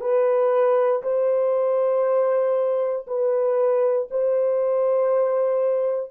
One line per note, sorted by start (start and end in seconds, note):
0.00 1.02 B4
1.03 3.06 C5
3.06 4.08 B4
4.10 6.11 C5